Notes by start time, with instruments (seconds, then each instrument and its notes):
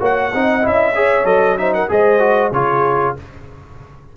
0.00 tuba A#3, trombone F#4, horn C#5, trumpet F#5
0.34 tuba C4, trombone D#4, horn D#5
0.62 tuba C#4, trombone E4, trumpet E5
0.95 trombone G#4, horn C#5
1.25 tuba F#3, trombone A4, trumpet D#5
1.58 trombone D#4, horn C5, trumpet E5
1.74 horn A#4, trumpet F#5
1.89 tuba G#3, trombone G#4, horn C5, trumpet D#5
2.19 trombone F#4
2.52 tuba C#3, trombone F4, horn G#4, trumpet C#5